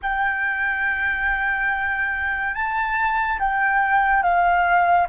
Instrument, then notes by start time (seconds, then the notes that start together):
flute
0.02 G5
2.54 A5
3.39 G5
4.23 F5